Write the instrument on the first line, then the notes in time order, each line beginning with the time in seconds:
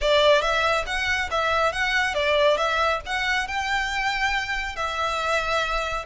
violin
0.01 D5
0.41 E5
0.86 F#5
1.30 E5
1.72 F#5
2.14 D5
2.57 E5
3.05 F#5
3.47 G5
4.76 E5